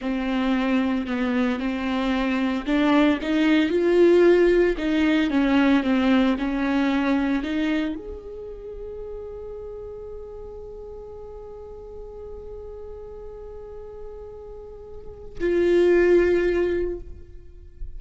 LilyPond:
\new Staff \with { instrumentName = "viola" } { \time 4/4 \tempo 4 = 113 c'2 b4 c'4~ | c'4 d'4 dis'4 f'4~ | f'4 dis'4 cis'4 c'4 | cis'2 dis'4 gis'4~ |
gis'1~ | gis'1~ | gis'1~ | gis'4 f'2. | }